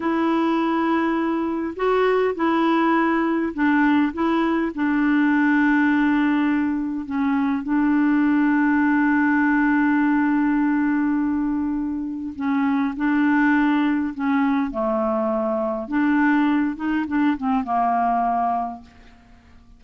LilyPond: \new Staff \with { instrumentName = "clarinet" } { \time 4/4 \tempo 4 = 102 e'2. fis'4 | e'2 d'4 e'4 | d'1 | cis'4 d'2.~ |
d'1~ | d'4 cis'4 d'2 | cis'4 a2 d'4~ | d'8 dis'8 d'8 c'8 ais2 | }